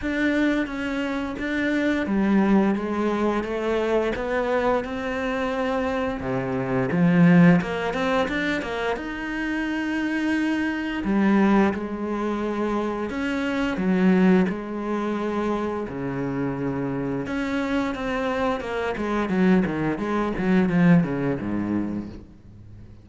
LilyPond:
\new Staff \with { instrumentName = "cello" } { \time 4/4 \tempo 4 = 87 d'4 cis'4 d'4 g4 | gis4 a4 b4 c'4~ | c'4 c4 f4 ais8 c'8 | d'8 ais8 dis'2. |
g4 gis2 cis'4 | fis4 gis2 cis4~ | cis4 cis'4 c'4 ais8 gis8 | fis8 dis8 gis8 fis8 f8 cis8 gis,4 | }